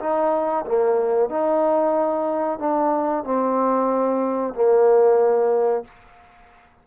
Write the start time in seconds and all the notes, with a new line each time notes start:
0.00 D#4
0.65 A#3
1.29 D#4
2.59 D4
3.24 C4
4.54 A#3